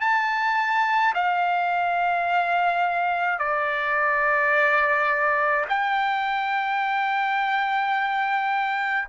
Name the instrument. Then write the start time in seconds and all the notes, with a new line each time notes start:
trumpet
0.00 A5
1.14 F5
3.39 D5
5.69 G5